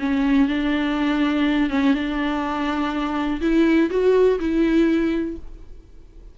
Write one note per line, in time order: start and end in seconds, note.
0.00 0.49 C#4
0.49 1.70 D4
1.70 1.94 C#4
1.94 3.41 D4
3.41 3.90 E4
3.90 4.39 F#4
4.40 5.37 E4